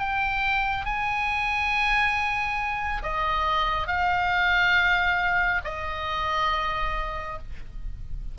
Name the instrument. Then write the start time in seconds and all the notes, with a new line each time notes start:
oboe
0.00 G5
0.86 G#5
3.04 D#5
3.88 F5
5.65 D#5